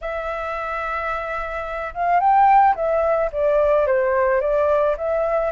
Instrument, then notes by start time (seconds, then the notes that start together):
flute
0.01 E5
1.94 F5
2.20 G5
2.75 E5
3.32 D5
3.87 C5
4.40 D5
4.97 E5